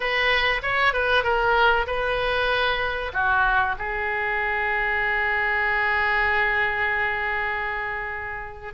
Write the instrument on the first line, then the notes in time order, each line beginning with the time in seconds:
oboe
0.00 B4
0.62 C#5
0.93 B4
1.23 A#4
1.86 B4
3.13 F#4
3.78 G#4